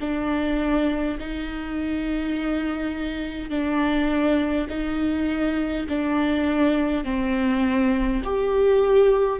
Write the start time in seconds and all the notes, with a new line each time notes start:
0.00 D4
1.19 D#4
3.50 D4
4.70 D#4
5.89 D4
7.04 C4
8.24 G4